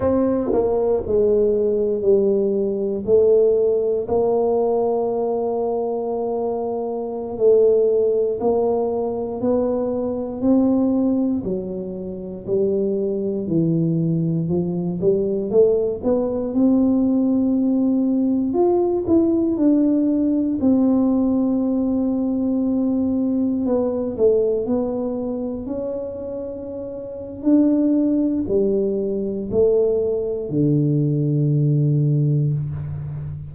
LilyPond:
\new Staff \with { instrumentName = "tuba" } { \time 4/4 \tempo 4 = 59 c'8 ais8 gis4 g4 a4 | ais2.~ ais16 a8.~ | a16 ais4 b4 c'4 fis8.~ | fis16 g4 e4 f8 g8 a8 b16~ |
b16 c'2 f'8 e'8 d'8.~ | d'16 c'2. b8 a16~ | a16 b4 cis'4.~ cis'16 d'4 | g4 a4 d2 | }